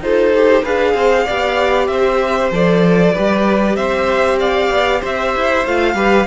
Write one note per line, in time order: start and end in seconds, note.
0.00 0.62 D#4
0.00 0.33 F4
0.00 0.62 A4
0.00 0.65 C5
0.34 0.64 G4
0.62 0.94 D4
0.62 1.27 G#4
0.62 0.94 B4
0.62 1.87 F5
0.94 1.25 C4
0.94 1.25 C5
1.25 1.88 B3
1.25 2.52 G4
1.25 1.88 D5
1.87 2.50 C4
1.87 3.13 C5
1.87 2.50 E5
2.51 3.13 F3
2.51 3.15 A4
2.51 3.76 D5
3.13 3.76 G3
3.13 5.65 G4
3.13 3.76 B4
3.76 4.70 C4
3.76 4.39 C5
3.76 4.39 E5
4.39 5.00 D5
4.39 5.02 F5
4.70 5.01 B3
5.00 5.35 C4
5.00 5.94 C5
5.00 5.66 E5
5.35 5.65 E4
5.65 5.95 A3
5.65 5.95 F4
5.65 6.26 F5
5.95 6.26 G3
5.95 6.26 G4
5.95 6.26 B4